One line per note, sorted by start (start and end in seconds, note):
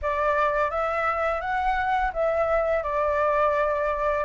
0.02 0.70 D5
0.70 1.41 E5
1.41 2.11 F#5
2.13 2.83 E5
2.83 4.24 D5